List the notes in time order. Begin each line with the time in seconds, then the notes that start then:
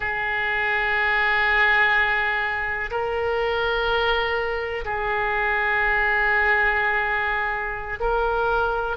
0.00 G#4
2.90 A#4
4.84 G#4
8.00 A#4